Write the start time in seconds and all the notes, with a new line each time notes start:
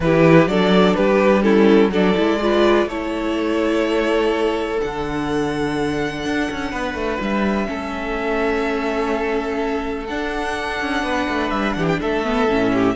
0.00 E3 E4 G4 B4
0.46 F#3 D4 A4 D5
0.94 G3 G4 B4
1.42 C#4 E4 A4
1.89 F#3 D4 A4 D5
2.14 G#3 E4
2.41 F4 B4
2.86 A3 E4 A4 C#5
4.79 D3 D4 F#5
6.25 D4
6.51 C#4
6.71 B3 B4
6.94 A3
7.20 G3 E5
7.65 A3 C#4 A4
10.06 D4 F#5
10.80 C#4
11.03 B3 B4
11.28 A3
11.50 G3 E5
11.72 E3 G4 F#5
11.88 G5
12.00 A3 A4 E5
12.24 B3
12.48 A2 C#4
12.73 G4